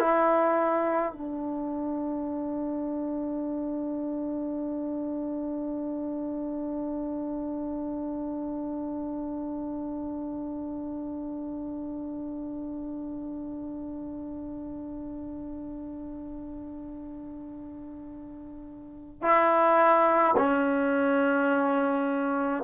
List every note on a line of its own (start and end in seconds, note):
0.00 1.13 E4
1.13 19.22 D4
19.22 20.36 E4
20.38 22.64 C#4